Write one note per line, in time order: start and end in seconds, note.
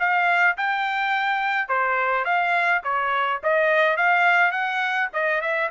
0.00 0.57 F5
0.58 1.69 G5
1.69 2.25 C5
2.25 2.83 F5
2.84 3.41 C#5
3.44 3.97 D#5
3.97 4.52 F5
4.52 5.09 F#5
5.14 5.42 D#5
5.42 5.70 E5